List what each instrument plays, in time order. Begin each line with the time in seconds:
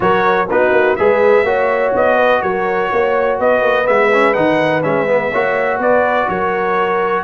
0.00 tuba F#3, trombone F#4, horn A#4, trumpet C#5
0.50 tuba B3, trombone D#4, horn F#4, trumpet B4
0.71 tuba A#3
0.95 tuba G#3, trombone G#4, horn B4, trumpet E5
1.43 tuba A#3, trombone F#4, horn C#5
1.94 tuba B3, trumpet D#5
2.16 horn B4
2.42 tuba F#3, horn A#4, trumpet C#5
2.91 tuba A#3, horn C#5
3.39 tuba B3, horn B4, trumpet D#5
3.61 tuba A#3
3.85 tuba G#3, trombone B3, trumpet E5
4.13 trombone C#4
4.33 tuba D#3, trombone D#4, trumpet F#5
4.82 tuba G#3, trombone C#4, trumpet E5
5.07 trombone B3
5.31 tuba A#3, trombone F#4, horn C#5
5.77 tuba B3, horn B4, trumpet D5
6.28 tuba F#3, horn A#4, trumpet C#5